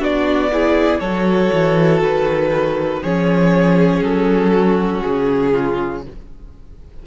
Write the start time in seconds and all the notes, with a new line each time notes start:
0.00 B3 D4 F#4 D5
0.52 E4 G#4
1.00 F#3 F#4 A4 C#5
1.54 E3
2.02 D#3 B4
3.02 F3 C#4 G#4 C#5
4.01 F#3 A4
4.53 F#4
5.02 C#3 G#4
5.52 F4